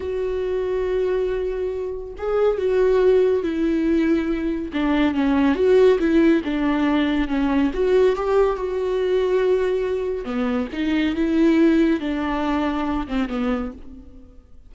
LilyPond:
\new Staff \with { instrumentName = "viola" } { \time 4/4 \tempo 4 = 140 fis'1~ | fis'4 gis'4 fis'2 | e'2. d'4 | cis'4 fis'4 e'4 d'4~ |
d'4 cis'4 fis'4 g'4 | fis'1 | b4 dis'4 e'2 | d'2~ d'8 c'8 b4 | }